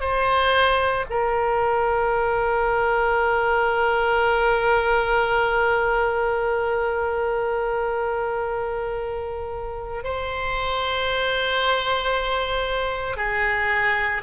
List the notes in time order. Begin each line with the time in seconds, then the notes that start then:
0.00 C5
1.10 A#4
10.03 C5
13.16 G#4